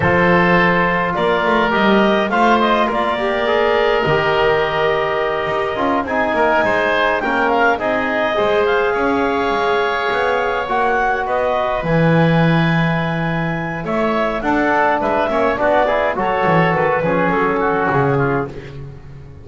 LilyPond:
<<
  \new Staff \with { instrumentName = "clarinet" } { \time 4/4 \tempo 4 = 104 c''2 d''4 dis''4 | f''8 dis''8 d''2 dis''4~ | dis''2~ dis''8 gis''4.~ | gis''8 g''8 f''8 dis''4. f''4~ |
f''2~ f''8 fis''4 dis''8~ | dis''8 gis''2.~ gis''8 | e''4 fis''4 e''4 d''4 | cis''4 b'4 a'4 gis'4 | }
  \new Staff \with { instrumentName = "oboe" } { \time 4/4 a'2 ais'2 | c''4 ais'2.~ | ais'2~ ais'8 gis'8 ais'8 c''8~ | c''8 ais'4 gis'4 c''4 cis''8~ |
cis''2.~ cis''8 b'8~ | b'1 | cis''4 a'4 b'8 cis''8 fis'8 gis'8 | a'4. gis'4 fis'4 f'8 | }
  \new Staff \with { instrumentName = "trombone" } { \time 4/4 f'2. g'4 | f'4. g'8 gis'4 g'4~ | g'2 f'8 dis'4.~ | dis'8 cis'4 dis'4 gis'4.~ |
gis'2~ gis'8 fis'4.~ | fis'8 e'2.~ e'8~ | e'4 d'4. cis'8 d'8 e'8 | fis'4. cis'2~ cis'8 | }
  \new Staff \with { instrumentName = "double bass" } { \time 4/4 f2 ais8 a8 g4 | a4 ais2 dis4~ | dis4. dis'8 cis'8 c'8 ais8 gis8~ | gis8 ais4 c'4 gis4 cis'8~ |
cis'8 gis4 b4 ais4 b8~ | b8 e2.~ e8 | a4 d'4 gis8 ais8 b4 | fis8 e8 dis8 f8 fis4 cis4 | }
>>